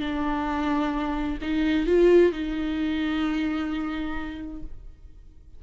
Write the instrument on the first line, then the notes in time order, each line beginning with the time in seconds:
viola
0.00 D4
1.42 D#4
1.86 F4
2.32 D#4